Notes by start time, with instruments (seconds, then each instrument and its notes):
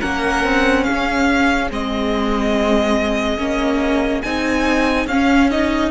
0.00 cello A#3, viola C#4, violin A#4 F#5
0.44 cello C4
0.84 violin G#4 F5
0.90 cello C#4
1.71 cello G#3, viola C4, violin D#5
3.38 cello A#3, viola C#4
4.22 cello C4, viola D#4, violin G#5
5.07 cello C#4, viola C#4, violin F5
5.51 viola D#4, violin D#5